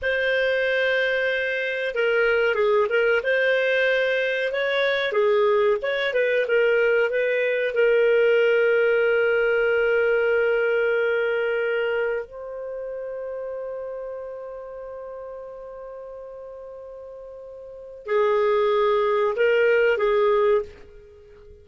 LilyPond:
\new Staff \with { instrumentName = "clarinet" } { \time 4/4 \tempo 4 = 93 c''2. ais'4 | gis'8 ais'8 c''2 cis''4 | gis'4 cis''8 b'8 ais'4 b'4 | ais'1~ |
ais'2. c''4~ | c''1~ | c''1 | gis'2 ais'4 gis'4 | }